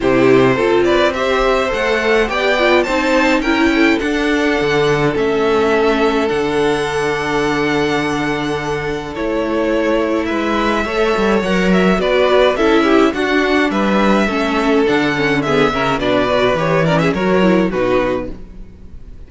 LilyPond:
<<
  \new Staff \with { instrumentName = "violin" } { \time 4/4 \tempo 4 = 105 c''4. d''8 e''4 fis''4 | g''4 a''4 g''4 fis''4~ | fis''4 e''2 fis''4~ | fis''1 |
cis''2 e''2 | fis''8 e''8 d''4 e''4 fis''4 | e''2 fis''4 e''4 | d''4 cis''8 d''16 e''16 cis''4 b'4 | }
  \new Staff \with { instrumentName = "violin" } { \time 4/4 g'4 a'8 b'8 c''2 | d''4 c''4 ais'8 a'4.~ | a'1~ | a'1~ |
a'2 b'4 cis''4~ | cis''4 b'4 a'8 g'8 fis'4 | b'4 a'2 gis'8 ais'8 | b'4. ais'16 gis'16 ais'4 fis'4 | }
  \new Staff \with { instrumentName = "viola" } { \time 4/4 e'4 f'4 g'4 a'4 | g'8 f'8 dis'4 e'4 d'4~ | d'4 cis'2 d'4~ | d'1 |
e'2. a'4 | ais'4 fis'4 e'4 d'4~ | d'4 cis'4 d'8 cis'8 b8 cis'8 | d'8 fis'8 g'8 cis'8 fis'8 e'8 dis'4 | }
  \new Staff \with { instrumentName = "cello" } { \time 4/4 c4 c'2 a4 | b4 c'4 cis'4 d'4 | d4 a2 d4~ | d1 |
a2 gis4 a8 g8 | fis4 b4 cis'4 d'4 | g4 a4 d4. cis8 | b,4 e4 fis4 b,4 | }
>>